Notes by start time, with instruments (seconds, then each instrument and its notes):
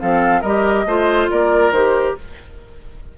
0.00 bassoon F3, clarinet C4, oboe A4, flute F5
0.42 bassoon G3, clarinet G4, oboe A#4, flute D#5
0.86 bassoon A3, clarinet F4, oboe C5
1.31 bassoon A#3, oboe A#4, flute D5
1.71 bassoon D#3, clarinet G4, flute C5